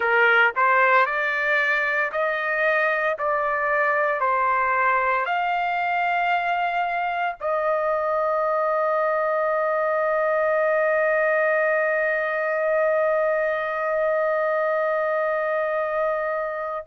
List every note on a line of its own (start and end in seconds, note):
0.00 0.52 A#4
0.56 1.05 C5
1.05 2.11 D5
2.11 3.17 D#5
3.18 4.20 D5
4.20 5.25 C5
5.25 7.36 F5
7.40 16.86 D#5